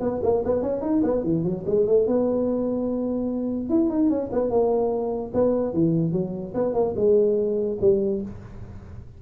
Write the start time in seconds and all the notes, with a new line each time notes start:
0.00 B3
0.23 A#3
0.45 B3
0.62 C#4
0.81 D#4
1.03 B3
1.23 E3
1.44 F#3
1.66 G#3
1.86 A3
2.07 B3
3.69 E4
3.90 D#4
4.10 C#4
4.32 B3
4.50 A#3
5.33 B3
5.73 E3
6.12 F#3
6.54 B3
6.73 A#3
6.96 G#3
7.81 G3